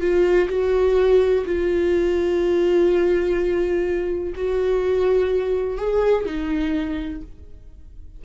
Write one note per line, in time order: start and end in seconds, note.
0.00 0.48 F4
0.48 1.44 F#4
1.45 4.33 F4
4.35 5.77 F#4
5.77 6.25 G#4
6.25 7.21 D#4